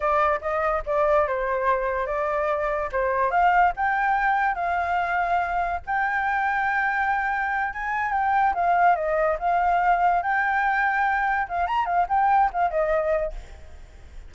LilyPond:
\new Staff \with { instrumentName = "flute" } { \time 4/4 \tempo 4 = 144 d''4 dis''4 d''4 c''4~ | c''4 d''2 c''4 | f''4 g''2 f''4~ | f''2 g''2~ |
g''2~ g''8 gis''4 g''8~ | g''8 f''4 dis''4 f''4.~ | f''8 g''2. f''8 | ais''8 f''8 g''4 f''8 dis''4. | }